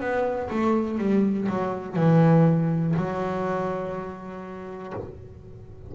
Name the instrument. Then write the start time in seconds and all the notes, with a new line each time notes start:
double bass
0.00 B3
0.50 A3
0.98 G3
1.48 F#3
1.96 E3
2.96 F#3